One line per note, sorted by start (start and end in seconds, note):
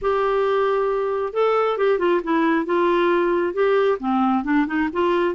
0.01 1.33 G4
1.33 1.77 A4
1.77 1.99 G4
1.99 2.21 F4
2.23 2.65 E4
2.65 3.53 F4
3.53 3.98 G4
3.99 4.44 C4
4.44 4.66 D4
4.66 4.88 D#4
4.92 5.34 F4